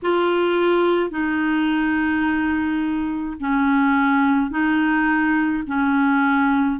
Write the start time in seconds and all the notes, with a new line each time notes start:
0.02 F4
1.10 D#4
3.40 C#4
4.50 D#4
5.67 C#4